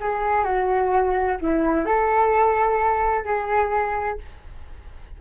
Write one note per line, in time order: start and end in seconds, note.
0.00 0.44 G#4
0.44 1.38 F#4
1.41 1.85 E4
1.85 3.24 A4
3.24 4.18 G#4